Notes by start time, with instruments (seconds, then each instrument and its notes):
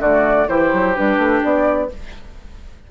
0.00 bassoon D3, clarinet A3, oboe F#4, flute D5
0.48 bassoon E3, clarinet E4, oboe G4, flute C5
0.73 bassoon F#3
0.95 bassoon G3, clarinet D4, flute B4
1.18 bassoon A3
1.43 bassoon B3, flute D5